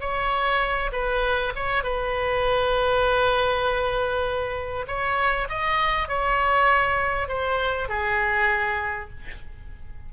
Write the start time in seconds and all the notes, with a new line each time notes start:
0.00 C#5
0.92 B4
1.55 C#5
1.83 B4
4.87 C#5
5.49 D#5
6.08 C#5
7.28 C5
7.88 G#4